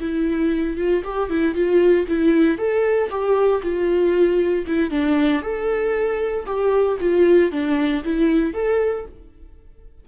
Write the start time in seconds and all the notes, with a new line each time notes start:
0.00 E4
0.77 F4
1.04 G4
1.30 E4
1.55 F4
2.08 E4
2.58 A4
3.10 G4
3.62 F4
4.67 E4
4.90 D4
5.42 A4
6.46 G4
7.00 F4
7.52 D4
8.04 E4
8.54 A4